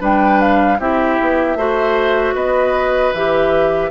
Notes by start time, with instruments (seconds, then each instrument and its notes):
0.00 bassoon G3, clarinet D4, oboe B4, flute G5
0.41 flute F5
0.79 bassoon C4, clarinet E4, oboe G4, flute E5
1.21 bassoon B3
1.55 bassoon A3, clarinet F#4, oboe C5
2.34 bassoon B3, oboe B4, flute D#5
3.14 bassoon E3, clarinet G4, flute E5